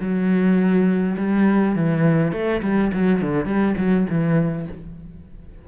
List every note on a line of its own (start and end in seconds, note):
0.00 1.17 F#3
1.17 1.75 G3
1.75 2.32 E3
2.32 2.61 A3
2.62 2.91 G3
2.93 3.21 F#3
3.21 3.45 D3
3.45 3.74 G3
3.77 4.06 F#3
4.09 4.67 E3